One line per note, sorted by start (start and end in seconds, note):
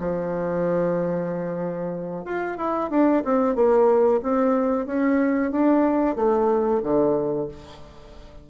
0.00 2.25 F3
2.25 2.58 F4
2.58 2.91 E4
2.91 3.23 D4
3.25 3.56 C4
3.56 4.21 A#3
4.23 4.86 C4
4.86 5.52 C#4
5.52 6.16 D4
6.16 6.82 A3
6.84 7.49 D3